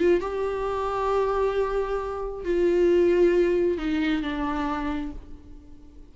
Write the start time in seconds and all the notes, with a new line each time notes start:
0.00 F4
0.21 G4
2.45 F4
3.78 D#4
4.23 D4